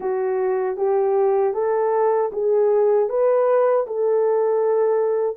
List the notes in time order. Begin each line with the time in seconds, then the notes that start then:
0.00 F#4
0.76 G4
1.53 A4
2.32 G#4
3.09 B4
3.86 A4